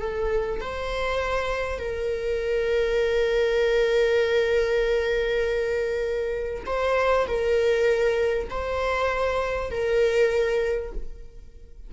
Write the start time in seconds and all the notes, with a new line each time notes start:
0.00 A4
0.61 C5
1.79 A#4
6.66 C5
7.27 A#4
8.50 C5
9.71 A#4